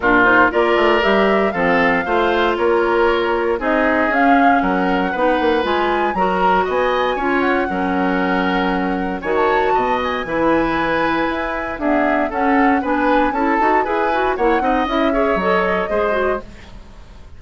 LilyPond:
<<
  \new Staff \with { instrumentName = "flute" } { \time 4/4 \tempo 4 = 117 ais'8 c''8 d''4 e''4 f''4~ | f''4 cis''2 dis''4 | f''4 fis''2 gis''4 | ais''4 gis''4. fis''4.~ |
fis''2 gis''16 a''4~ a''16 gis''8~ | gis''2. e''4 | fis''4 gis''4 a''4 gis''4 | fis''4 e''4 dis''2 | }
  \new Staff \with { instrumentName = "oboe" } { \time 4/4 f'4 ais'2 a'4 | c''4 ais'2 gis'4~ | gis'4 ais'4 b'2 | ais'4 dis''4 cis''4 ais'4~ |
ais'2 cis''4 dis''4 | b'2. gis'4 | a'4 b'4 a'4 b'4 | cis''8 dis''4 cis''4. c''4 | }
  \new Staff \with { instrumentName = "clarinet" } { \time 4/4 d'8 dis'8 f'4 g'4 c'4 | f'2. dis'4 | cis'2 dis'4 f'4 | fis'2 f'4 cis'4~ |
cis'2 fis'2 | e'2. b4 | cis'4 d'4 e'8 fis'8 gis'8 fis'8 | e'8 dis'8 e'8 gis'8 a'4 gis'8 fis'8 | }
  \new Staff \with { instrumentName = "bassoon" } { \time 4/4 ais,4 ais8 a8 g4 f4 | a4 ais2 c'4 | cis'4 fis4 b8 ais8 gis4 | fis4 b4 cis'4 fis4~ |
fis2 dis4 b,4 | e2 e'4 d'4 | cis'4 b4 cis'8 dis'8 e'4 | ais8 c'8 cis'4 fis4 gis4 | }
>>